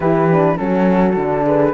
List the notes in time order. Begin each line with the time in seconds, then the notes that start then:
0.00 E3 E4 G4 B4
0.31 D4
0.57 F#3 C#4 F#4 A4
1.16 D3 D4
1.44 G#4 B4